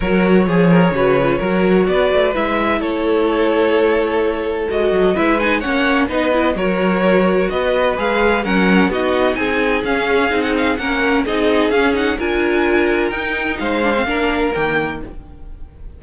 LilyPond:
<<
  \new Staff \with { instrumentName = "violin" } { \time 4/4 \tempo 4 = 128 cis''1 | d''4 e''4 cis''2~ | cis''2 dis''4 e''8 gis''8 | fis''4 dis''4 cis''2 |
dis''4 f''4 fis''4 dis''4 | gis''4 f''4~ f''16 fis''16 f''8 fis''4 | dis''4 f''8 fis''8 gis''2 | g''4 f''2 g''4 | }
  \new Staff \with { instrumentName = "violin" } { \time 4/4 ais'4 gis'8 ais'8 b'4 ais'4 | b'2 a'2~ | a'2. b'4 | cis''4 b'4 ais'2 |
b'2 ais'4 fis'4 | gis'2. ais'4 | gis'2 ais'2~ | ais'4 c''4 ais'2 | }
  \new Staff \with { instrumentName = "viola" } { \time 4/4 fis'4 gis'4 fis'8 f'8 fis'4~ | fis'4 e'2.~ | e'2 fis'4 e'8 dis'8 | cis'4 dis'8 e'8 fis'2~ |
fis'4 gis'4 cis'4 dis'4~ | dis'4 cis'4 dis'4 cis'4 | dis'4 cis'8 dis'8 f'2 | dis'4. d'16 c'16 d'4 ais4 | }
  \new Staff \with { instrumentName = "cello" } { \time 4/4 fis4 f4 cis4 fis4 | b8 a8 gis4 a2~ | a2 gis8 fis8 gis4 | ais4 b4 fis2 |
b4 gis4 fis4 b4 | c'4 cis'4 c'4 ais4 | c'4 cis'4 d'2 | dis'4 gis4 ais4 dis4 | }
>>